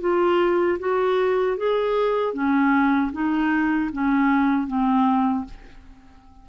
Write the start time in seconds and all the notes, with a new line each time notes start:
0.00 F4
0.79 F#4
1.57 G#4
2.33 C#4
3.12 D#4
3.92 C#4
4.66 C4